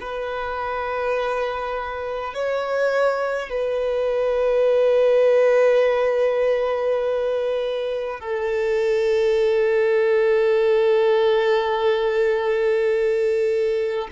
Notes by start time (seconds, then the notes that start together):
0.00 B4
2.33 C#5
3.49 B4
8.19 A4